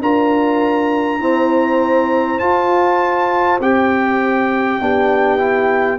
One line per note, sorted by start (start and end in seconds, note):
0.00 1.20 D4
0.00 1.20 F4
0.00 1.22 A#4
0.00 2.39 A#5
1.20 2.40 C4
1.20 2.40 E4
1.20 4.82 C5
2.39 3.60 F4
2.39 3.59 A5
3.60 4.80 C4
3.60 4.81 G4
3.60 5.99 G5
4.81 5.99 B3
4.81 5.38 D4
4.81 5.99 G4
5.38 5.98 E4